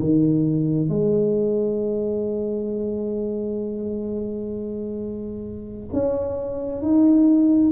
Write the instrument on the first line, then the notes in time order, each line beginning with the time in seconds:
tuba
0.00 D#3
0.89 G#3
5.93 C#4
6.82 D#4